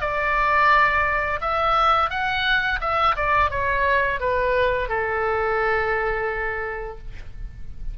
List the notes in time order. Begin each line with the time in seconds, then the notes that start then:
0.00 D5
1.40 E5
2.10 F#5
2.80 E5
3.16 D5
3.50 C#5
4.20 B4
4.88 A4